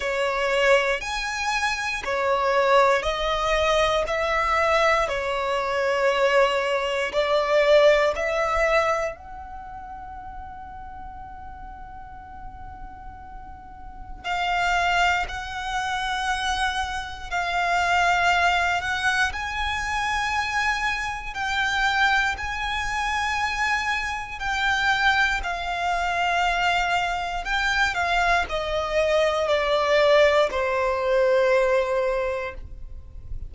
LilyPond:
\new Staff \with { instrumentName = "violin" } { \time 4/4 \tempo 4 = 59 cis''4 gis''4 cis''4 dis''4 | e''4 cis''2 d''4 | e''4 fis''2.~ | fis''2 f''4 fis''4~ |
fis''4 f''4. fis''8 gis''4~ | gis''4 g''4 gis''2 | g''4 f''2 g''8 f''8 | dis''4 d''4 c''2 | }